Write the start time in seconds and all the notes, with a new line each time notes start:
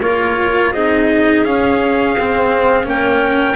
0.00 A#3 F4 A#4 C#5
0.71 C4 D#4 G#4 D#5
1.43 C#4 F5
2.14 C4
2.83 A#3 C#4 A#4 G5